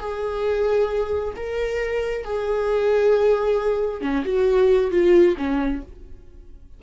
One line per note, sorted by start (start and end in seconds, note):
0.00 1.34 G#4
1.36 2.25 A#4
2.25 4.02 G#4
4.02 4.24 C#4
4.25 4.91 F#4
4.91 5.36 F4
5.38 5.82 C#4